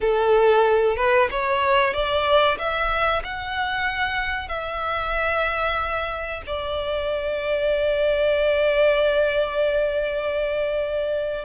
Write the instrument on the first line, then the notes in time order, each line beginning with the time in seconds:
violin
0.01 A4
0.96 B4
1.30 C#5
1.93 D5
2.58 E5
3.24 F#5
4.48 E5
6.46 D5